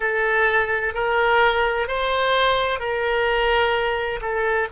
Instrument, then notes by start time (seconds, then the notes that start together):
oboe
0.00 A4
0.94 A#4
1.87 C5
2.79 A#4
4.21 A4